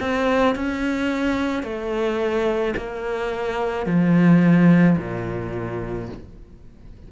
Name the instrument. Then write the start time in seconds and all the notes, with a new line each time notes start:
cello
0.00 C4
0.56 C#4
1.63 A3
2.77 A#3
3.86 F3
4.98 A#2